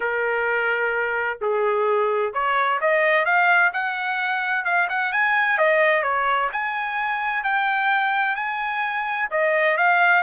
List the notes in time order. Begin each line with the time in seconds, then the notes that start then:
0.00 A#4
1.41 G#4
2.33 C#5
2.80 D#5
3.25 F5
3.73 F#5
4.64 F5
4.89 F#5
5.12 G#5
5.58 D#5
6.03 C#5
6.52 G#5
7.43 G5
8.35 G#5
9.30 D#5
9.77 F5